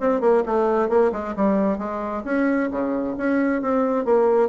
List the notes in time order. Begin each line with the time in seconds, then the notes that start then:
0.00 C4
0.21 A#3
0.46 A3
0.89 A#3
1.12 G#3
1.36 G3
1.78 G#3
2.25 C#4
2.71 C#3
3.17 C#4
3.62 C4
4.05 A#3